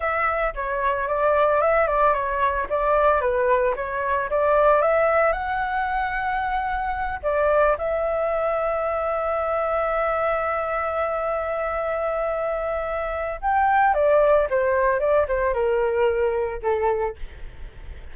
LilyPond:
\new Staff \with { instrumentName = "flute" } { \time 4/4 \tempo 4 = 112 e''4 cis''4 d''4 e''8 d''8 | cis''4 d''4 b'4 cis''4 | d''4 e''4 fis''2~ | fis''4. d''4 e''4.~ |
e''1~ | e''1~ | e''4 g''4 d''4 c''4 | d''8 c''8 ais'2 a'4 | }